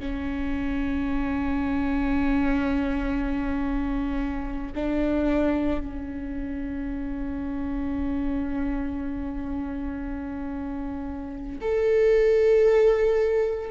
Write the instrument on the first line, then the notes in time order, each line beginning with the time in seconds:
viola
0.00 C#4
4.75 D4
5.80 C#4
11.61 A4